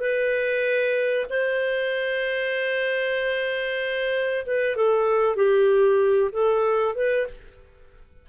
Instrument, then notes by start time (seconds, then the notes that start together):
clarinet
0.00 B4
1.30 C5
4.46 B4
4.77 A4
5.36 G4
6.32 A4
6.95 B4